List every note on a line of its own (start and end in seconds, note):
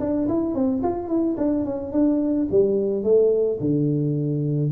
0.00 0.28 D4
0.28 0.55 E4
0.55 0.82 C4
0.83 1.08 F4
1.08 1.36 E4
1.37 1.65 D4
1.65 1.92 C#4
1.92 2.48 D4
2.51 3.03 G3
3.03 3.59 A3
3.60 4.71 D3